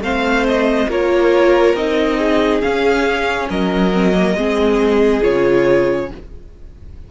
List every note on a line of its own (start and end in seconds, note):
0.00 0.87 A3
0.00 0.90 C4
0.00 0.89 C5
0.00 0.47 F5
0.47 0.91 D#5
0.88 1.74 A#3
0.88 1.77 F4
0.88 2.18 A#4
0.88 1.76 C#5
1.74 2.61 C4
1.74 2.62 D#4
1.74 2.61 D#5
2.18 3.48 G#4
2.61 3.92 C#4
2.61 3.50 C#4
2.61 3.48 F5
3.50 4.34 F#3
3.50 4.37 A#4
3.50 5.24 D#5
3.93 4.13 C4
4.13 4.35 A#3
4.34 5.21 G#3
4.34 5.22 C4
4.34 6.11 G#4
5.22 6.11 C#3
5.22 6.09 F4
5.22 6.11 C#5